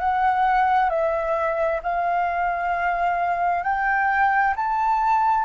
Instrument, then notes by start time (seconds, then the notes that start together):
flute
0.00 F#5
0.90 E5
1.83 F5
3.64 G5
4.57 A5